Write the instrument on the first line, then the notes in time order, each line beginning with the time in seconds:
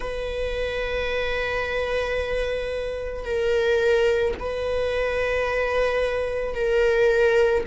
viola
0.00 B4
3.24 A#4
4.39 B4
6.55 A#4